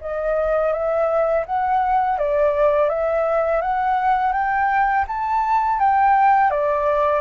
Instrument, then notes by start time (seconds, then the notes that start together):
flute
0.00 D#5
0.72 E5
1.46 F#5
2.18 D5
2.89 E5
3.61 F#5
4.32 G5
5.07 A5
5.79 G5
6.50 D5